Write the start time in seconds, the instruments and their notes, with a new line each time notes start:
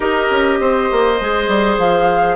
0.00 bassoon D#4, clarinet G4, oboe A#4, flute D#5
0.30 bassoon C#4
0.60 bassoon C4, oboe C5
0.91 bassoon A#3
1.20 bassoon G#3, clarinet G#4
1.48 bassoon G3
1.77 bassoon F3, flute F5